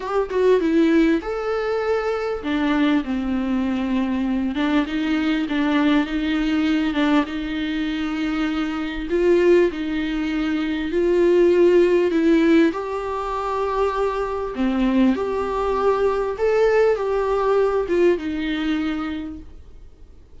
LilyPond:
\new Staff \with { instrumentName = "viola" } { \time 4/4 \tempo 4 = 99 g'8 fis'8 e'4 a'2 | d'4 c'2~ c'8 d'8 | dis'4 d'4 dis'4. d'8 | dis'2. f'4 |
dis'2 f'2 | e'4 g'2. | c'4 g'2 a'4 | g'4. f'8 dis'2 | }